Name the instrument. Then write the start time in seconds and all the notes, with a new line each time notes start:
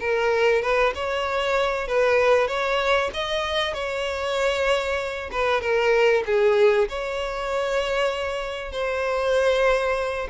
violin
0.00 A#4
0.62 B4
0.95 C#5
1.88 B4
2.48 C#5
3.14 D#5
3.74 C#5
5.32 B4
5.61 A#4
6.26 G#4
6.89 C#5
8.72 C5